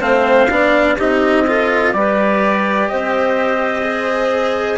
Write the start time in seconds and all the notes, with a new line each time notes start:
0.00 A3 C4 C5 F5
0.50 B3 D4 D5
0.97 C4 D#4 G4 D#5
1.47 F4 A4
1.93 G3 G4 B4 D5
2.88 C4 C5 D#5
3.83 G#4